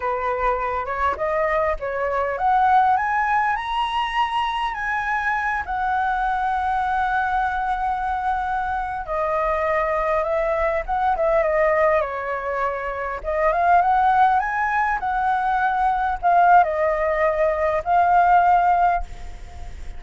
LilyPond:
\new Staff \with { instrumentName = "flute" } { \time 4/4 \tempo 4 = 101 b'4. cis''8 dis''4 cis''4 | fis''4 gis''4 ais''2 | gis''4. fis''2~ fis''8~ | fis''2.~ fis''16 dis''8.~ |
dis''4~ dis''16 e''4 fis''8 e''8 dis''8.~ | dis''16 cis''2 dis''8 f''8 fis''8.~ | fis''16 gis''4 fis''2 f''8. | dis''2 f''2 | }